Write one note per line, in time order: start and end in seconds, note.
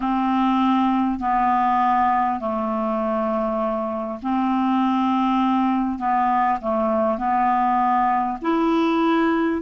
0.00 1.19 C4
1.19 2.39 B3
2.39 4.19 A3
4.22 5.98 C4
5.98 6.58 B3
6.61 7.17 A3
7.17 8.37 B3
8.41 9.61 E4